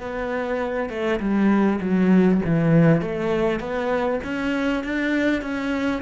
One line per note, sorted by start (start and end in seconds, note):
0.00 0.89 B3
0.89 1.19 A3
1.19 1.79 G3
1.81 2.41 F#3
2.45 3.01 E3
3.01 3.59 A3
3.59 4.19 B3
4.23 4.83 C#4
4.83 5.42 D4
5.42 6.02 C#4